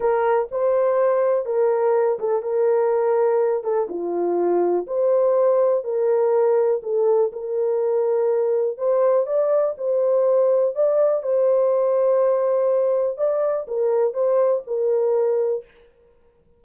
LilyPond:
\new Staff \with { instrumentName = "horn" } { \time 4/4 \tempo 4 = 123 ais'4 c''2 ais'4~ | ais'8 a'8 ais'2~ ais'8 a'8 | f'2 c''2 | ais'2 a'4 ais'4~ |
ais'2 c''4 d''4 | c''2 d''4 c''4~ | c''2. d''4 | ais'4 c''4 ais'2 | }